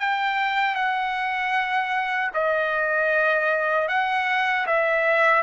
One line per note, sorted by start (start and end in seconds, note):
0.00 0.75 G5
0.75 2.31 F#5
2.34 3.89 D#5
3.89 4.66 F#5
4.67 5.43 E5